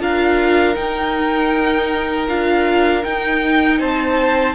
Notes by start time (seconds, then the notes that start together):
0.00 D4 F4 A#4 F5
0.76 D#4 G5
2.28 D4 F4 F5
3.03 D#4 G5
3.80 C4 C5 A5